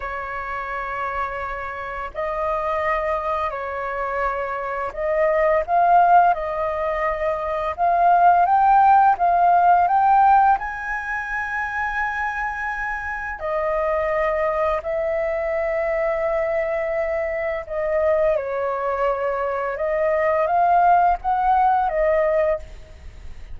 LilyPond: \new Staff \with { instrumentName = "flute" } { \time 4/4 \tempo 4 = 85 cis''2. dis''4~ | dis''4 cis''2 dis''4 | f''4 dis''2 f''4 | g''4 f''4 g''4 gis''4~ |
gis''2. dis''4~ | dis''4 e''2.~ | e''4 dis''4 cis''2 | dis''4 f''4 fis''4 dis''4 | }